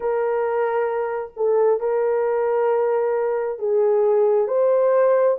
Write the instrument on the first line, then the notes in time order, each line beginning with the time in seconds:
horn
0.00 A#4
1.36 A4
1.80 A#4
3.59 G#4
4.47 C5